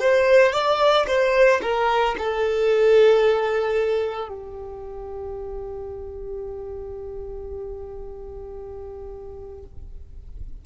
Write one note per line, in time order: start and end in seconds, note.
0.00 0.53 C5
0.53 1.06 D5
1.08 1.61 C5
1.62 2.16 A#4
2.18 4.29 A4
4.29 9.64 G4